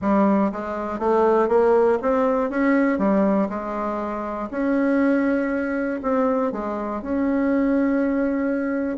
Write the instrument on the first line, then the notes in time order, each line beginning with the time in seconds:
bassoon
0.01 G3
0.52 G#3
0.99 A3
1.48 A#3
2.01 C4
2.50 C#4
2.98 G3
3.49 G#3
4.50 C#4
6.02 C4
6.52 G#3
7.02 C#4